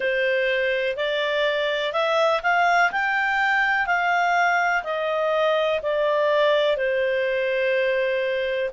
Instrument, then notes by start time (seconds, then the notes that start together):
clarinet
0.00 C5
0.96 D5
1.93 E5
2.42 F5
2.91 G5
3.86 F5
4.83 D#5
5.82 D5
6.77 C5